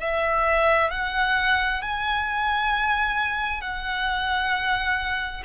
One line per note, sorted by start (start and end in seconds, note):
0.00 0.91 E5
0.91 1.82 F#5
1.82 3.61 G#5
3.61 5.43 F#5